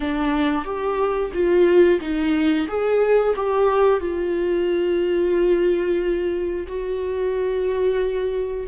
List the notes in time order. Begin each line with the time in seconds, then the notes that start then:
0.00 D4
0.65 G4
1.33 F4
2.00 D#4
2.68 G#4
3.35 G4
4.00 F4
6.67 F#4